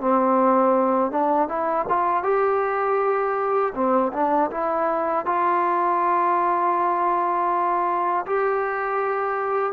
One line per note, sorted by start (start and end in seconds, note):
0.00 1.11 C4
1.11 1.48 D4
1.48 1.85 E4
1.89 2.23 F4
2.23 3.73 G4
3.74 4.11 C4
4.12 4.50 D4
4.50 5.25 E4
5.25 8.25 F4
8.26 9.72 G4